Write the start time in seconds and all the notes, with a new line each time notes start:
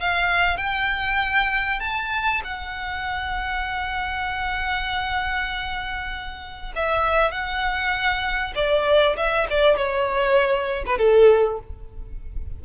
0.00 F5
0.57 G5
1.80 A5
2.44 F#5
6.76 E5
7.31 F#5
8.55 D5
9.17 E5
9.50 D5
9.77 C#5
10.86 B4
10.98 A4